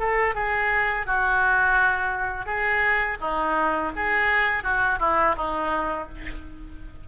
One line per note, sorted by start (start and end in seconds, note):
0.00 0.35 A4
0.35 1.06 G#4
1.07 2.46 F#4
2.46 3.18 G#4
3.21 3.92 D#4
3.96 4.64 G#4
4.64 4.99 F#4
5.00 5.36 E4
5.37 6.08 D#4